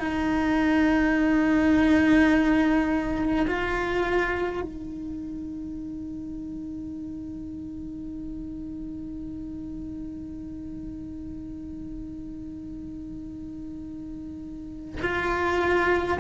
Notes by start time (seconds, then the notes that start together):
0.00 D#4
3.48 F4
4.62 D#4
15.03 F4